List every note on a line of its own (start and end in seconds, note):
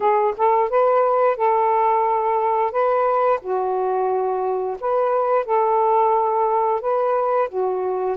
0.00 0.34 G#4
0.37 0.69 A4
0.69 1.36 B4
1.36 2.71 A4
2.71 3.39 B4
3.41 4.77 F#4
4.80 5.45 B4
5.45 6.81 A4
6.81 7.48 B4
7.48 8.17 F#4